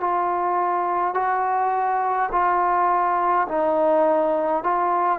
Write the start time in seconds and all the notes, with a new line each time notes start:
0.00 F4
1.14 F#4
2.32 F4
3.48 D#4
4.63 F4